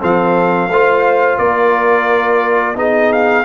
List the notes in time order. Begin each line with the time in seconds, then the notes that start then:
0.00 F3 C4 A4 F5
0.69 A3 F4 C5
1.38 A#3 A#4 D5
2.75 B3 D#4 G#4 D#5
3.12 F5